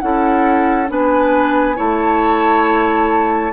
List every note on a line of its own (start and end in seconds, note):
0.00 0.90 C#4
0.00 0.87 E4
0.00 0.91 A4
0.00 0.88 F#5
0.87 1.78 B3
0.87 1.76 D4
0.87 1.76 B4
0.87 1.79 G#5
1.76 3.53 A3
1.76 3.52 E4
1.76 3.53 C#5
1.76 3.53 A5